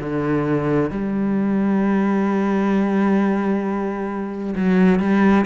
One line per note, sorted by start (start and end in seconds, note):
0.00 0.91 D3
0.91 4.55 G3
4.56 5.00 F#3
5.00 5.45 G3